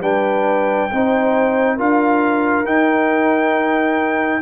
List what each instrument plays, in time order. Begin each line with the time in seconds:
0.00 tuba G3, trombone D4, horn B4, trumpet G5
0.91 tuba C4, trombone D#4, horn C5
1.76 tuba D4, trombone F4, horn A#4, trumpet F5
2.65 tuba D#4, trombone D#4, trumpet G5